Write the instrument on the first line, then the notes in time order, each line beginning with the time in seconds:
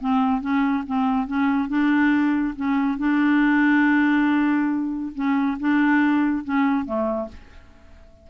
clarinet
0.00 C4
0.41 C#4
0.86 C4
1.27 C#4
1.69 D4
2.56 C#4
2.98 D4
5.15 C#4
5.60 D4
6.44 C#4
6.85 A3